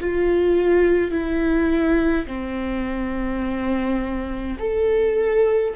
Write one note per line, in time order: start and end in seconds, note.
0.00 1.10 F4
1.10 2.26 E4
2.26 4.57 C4
4.58 5.74 A4